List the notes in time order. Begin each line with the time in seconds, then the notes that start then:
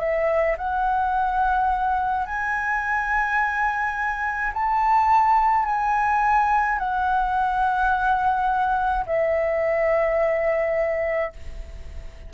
0.00 E5
0.58 F#5
2.27 G#5
4.54 A5
5.66 G#5
6.79 F#5
9.07 E5